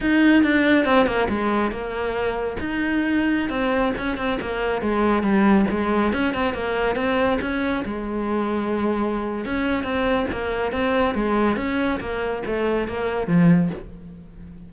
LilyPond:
\new Staff \with { instrumentName = "cello" } { \time 4/4 \tempo 4 = 140 dis'4 d'4 c'8 ais8 gis4 | ais2 dis'2~ | dis'16 c'4 cis'8 c'8 ais4 gis8.~ | gis16 g4 gis4 cis'8 c'8 ais8.~ |
ais16 c'4 cis'4 gis4.~ gis16~ | gis2 cis'4 c'4 | ais4 c'4 gis4 cis'4 | ais4 a4 ais4 f4 | }